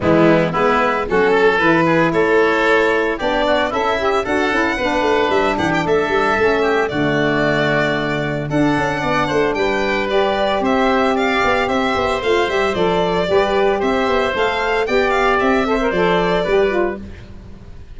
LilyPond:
<<
  \new Staff \with { instrumentName = "violin" } { \time 4/4 \tempo 4 = 113 e'4 b'4 a'4 b'4 | cis''2 d''4 e''4 | fis''2 e''8 fis''16 g''16 e''4~ | e''4 d''2. |
fis''2 g''4 d''4 | e''4 f''4 e''4 f''8 e''8 | d''2 e''4 f''4 | g''8 f''8 e''4 d''2 | }
  \new Staff \with { instrumentName = "oboe" } { \time 4/4 b4 e'4 fis'8 a'4 gis'8 | a'2 g'8 fis'8 e'4 | a'4 b'4. g'8 a'4~ | a'8 g'8 fis'2. |
a'4 d''8 c''8 b'2 | c''4 d''4 c''2~ | c''4 b'4 c''2 | d''4. c''4. b'4 | }
  \new Staff \with { instrumentName = "saxophone" } { \time 4/4 gis4 b4 cis'4 e'4~ | e'2 d'4 a'8 g'8 | fis'8 e'8 d'2. | cis'4 a2. |
d'2. g'4~ | g'2. f'8 g'8 | a'4 g'2 a'4 | g'4. a'16 ais'16 a'4 g'8 f'8 | }
  \new Staff \with { instrumentName = "tuba" } { \time 4/4 e4 gis4 fis4 e4 | a2 b4 cis'4 | d'8 cis'8 b8 a8 g8 e8 a8 g8 | a4 d2. |
d'8 cis'8 b8 a8 g2 | c'4. b8 c'8 b8 a8 g8 | f4 g4 c'8 b8 a4 | b4 c'4 f4 g4 | }
>>